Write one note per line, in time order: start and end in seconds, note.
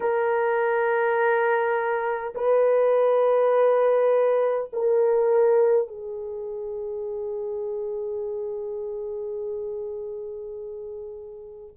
0.00 2.34 A#4
2.34 4.70 B4
4.73 5.87 A#4
5.87 11.75 G#4